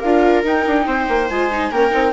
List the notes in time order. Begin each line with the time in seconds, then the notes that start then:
0.00 D4 F4 A#4 F5
0.44 D#4 G5
0.68 D4
0.87 C4 C5
1.09 A#3
1.30 G#3 F4 G#5
1.52 D#4
1.72 A#3 C#4 A#4 G5
1.91 C4 D#4